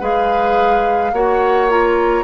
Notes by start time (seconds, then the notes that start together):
0.00 G#3 G#4 B4 F5
1.13 A#3 F#4 C#5 F#5
1.70 F4 A#5